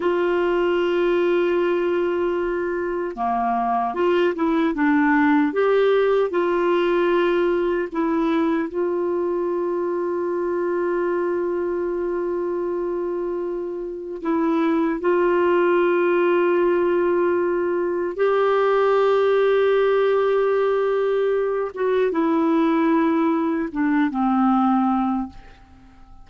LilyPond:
\new Staff \with { instrumentName = "clarinet" } { \time 4/4 \tempo 4 = 76 f'1 | ais4 f'8 e'8 d'4 g'4 | f'2 e'4 f'4~ | f'1~ |
f'2 e'4 f'4~ | f'2. g'4~ | g'2.~ g'8 fis'8 | e'2 d'8 c'4. | }